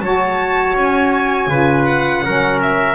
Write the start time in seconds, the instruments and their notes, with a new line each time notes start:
0.00 double bass F#3, saxophone F#4, trumpet C#5, violin A5
0.74 double bass C#4, violin G#5
1.47 double bass C#3, saxophone F4, trumpet B4
1.85 violin F#5
2.25 double bass F#3, saxophone C#4, trumpet A#4
2.62 violin E5